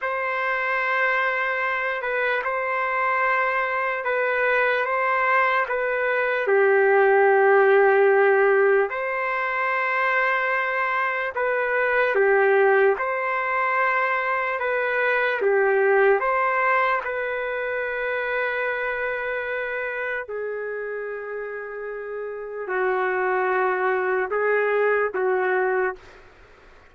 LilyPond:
\new Staff \with { instrumentName = "trumpet" } { \time 4/4 \tempo 4 = 74 c''2~ c''8 b'8 c''4~ | c''4 b'4 c''4 b'4 | g'2. c''4~ | c''2 b'4 g'4 |
c''2 b'4 g'4 | c''4 b'2.~ | b'4 gis'2. | fis'2 gis'4 fis'4 | }